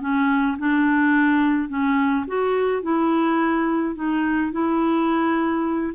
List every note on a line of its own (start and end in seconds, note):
0.00 0.57 C#4
0.58 1.68 D4
1.68 2.25 C#4
2.27 2.82 F#4
2.82 3.95 E4
3.95 4.52 D#4
4.52 5.93 E4